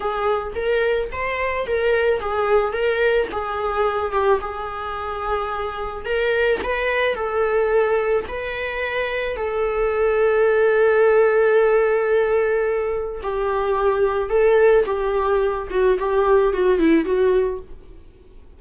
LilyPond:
\new Staff \with { instrumentName = "viola" } { \time 4/4 \tempo 4 = 109 gis'4 ais'4 c''4 ais'4 | gis'4 ais'4 gis'4. g'8 | gis'2. ais'4 | b'4 a'2 b'4~ |
b'4 a'2.~ | a'1 | g'2 a'4 g'4~ | g'8 fis'8 g'4 fis'8 e'8 fis'4 | }